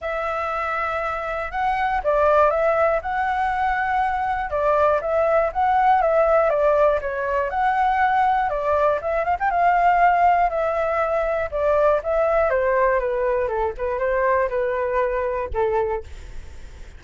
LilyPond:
\new Staff \with { instrumentName = "flute" } { \time 4/4 \tempo 4 = 120 e''2. fis''4 | d''4 e''4 fis''2~ | fis''4 d''4 e''4 fis''4 | e''4 d''4 cis''4 fis''4~ |
fis''4 d''4 e''8 f''16 g''16 f''4~ | f''4 e''2 d''4 | e''4 c''4 b'4 a'8 b'8 | c''4 b'2 a'4 | }